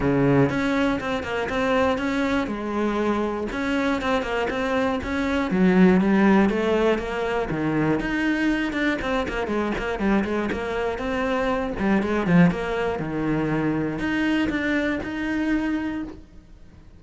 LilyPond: \new Staff \with { instrumentName = "cello" } { \time 4/4 \tempo 4 = 120 cis4 cis'4 c'8 ais8 c'4 | cis'4 gis2 cis'4 | c'8 ais8 c'4 cis'4 fis4 | g4 a4 ais4 dis4 |
dis'4. d'8 c'8 ais8 gis8 ais8 | g8 gis8 ais4 c'4. g8 | gis8 f8 ais4 dis2 | dis'4 d'4 dis'2 | }